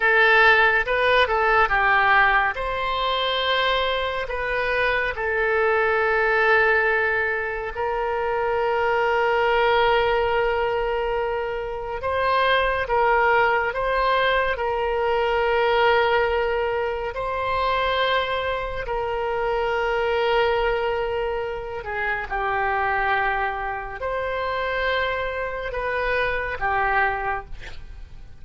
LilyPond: \new Staff \with { instrumentName = "oboe" } { \time 4/4 \tempo 4 = 70 a'4 b'8 a'8 g'4 c''4~ | c''4 b'4 a'2~ | a'4 ais'2.~ | ais'2 c''4 ais'4 |
c''4 ais'2. | c''2 ais'2~ | ais'4. gis'8 g'2 | c''2 b'4 g'4 | }